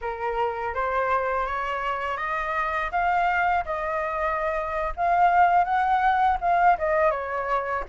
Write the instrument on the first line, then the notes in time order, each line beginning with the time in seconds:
flute
0.01 A#4
0.74 C5
1.46 C#5
2.17 D#5
2.91 F5
3.65 D#5
4.96 F5
5.64 F#5
6.40 F5
6.78 D#5
7.10 C#5